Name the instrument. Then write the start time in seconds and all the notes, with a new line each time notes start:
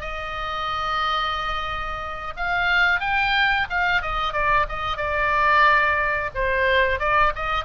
oboe
0.00 D#5
2.36 F5
3.00 G5
3.69 F5
4.01 D#5
4.32 D5
4.68 D#5
4.97 D5
6.34 C5
6.99 D5
7.35 D#5